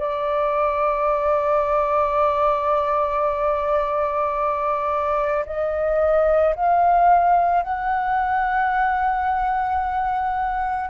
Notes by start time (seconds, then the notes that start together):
0.00 D5
5.46 D#5
6.56 F5
7.63 F#5